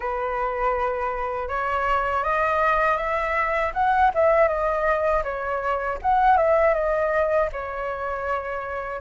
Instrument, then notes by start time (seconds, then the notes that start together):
flute
0.00 B4
1.48 C#5
2.23 D#5
2.97 E5
3.73 F#5
4.14 E5
4.48 D#5
5.23 C#5
6.01 F#5
6.37 E5
6.74 D#5
7.52 C#5